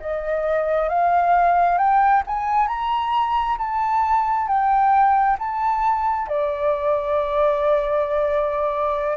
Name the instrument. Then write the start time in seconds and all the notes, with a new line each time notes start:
flute
0.00 D#5
0.89 F5
1.78 G5
2.27 G#5
2.67 A#5
3.58 A5
4.47 G5
5.39 A5
6.28 D5